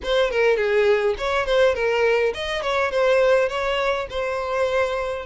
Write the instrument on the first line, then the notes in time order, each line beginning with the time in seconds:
violin
0.03 C5
0.30 A#4
0.57 G#4
1.18 C#5
1.46 C5
1.74 A#4
2.34 D#5
2.62 C#5
2.91 C5
3.48 C#5
4.10 C5